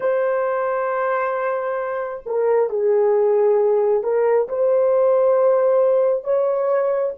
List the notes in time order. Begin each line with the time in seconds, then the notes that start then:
0.00 C5
2.26 A#4
2.69 G#4
4.03 A#4
4.48 C5
6.24 C#5